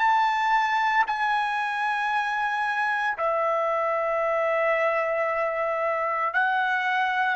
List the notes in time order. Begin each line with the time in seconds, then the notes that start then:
0.00 A5
1.07 G#5
3.18 E5
6.34 F#5